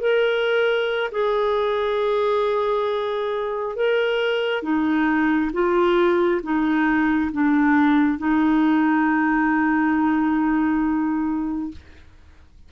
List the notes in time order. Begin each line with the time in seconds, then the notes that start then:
0.00 A#4
1.11 G#4
3.76 A#4
4.62 D#4
5.53 F4
6.43 D#4
7.32 D4
8.18 D#4